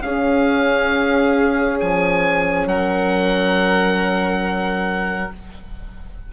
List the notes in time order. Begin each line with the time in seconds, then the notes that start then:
0.00 C#4 G#4 F5
1.80 F3 G#5
2.65 F#3 A#4 F#5